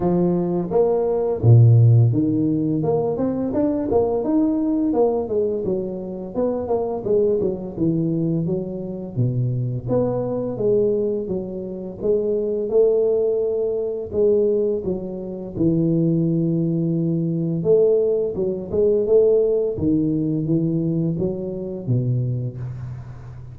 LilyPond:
\new Staff \with { instrumentName = "tuba" } { \time 4/4 \tempo 4 = 85 f4 ais4 ais,4 dis4 | ais8 c'8 d'8 ais8 dis'4 ais8 gis8 | fis4 b8 ais8 gis8 fis8 e4 | fis4 b,4 b4 gis4 |
fis4 gis4 a2 | gis4 fis4 e2~ | e4 a4 fis8 gis8 a4 | dis4 e4 fis4 b,4 | }